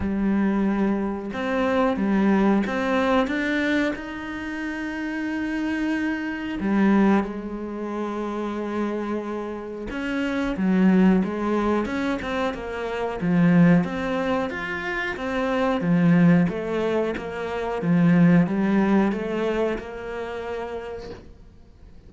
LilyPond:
\new Staff \with { instrumentName = "cello" } { \time 4/4 \tempo 4 = 91 g2 c'4 g4 | c'4 d'4 dis'2~ | dis'2 g4 gis4~ | gis2. cis'4 |
fis4 gis4 cis'8 c'8 ais4 | f4 c'4 f'4 c'4 | f4 a4 ais4 f4 | g4 a4 ais2 | }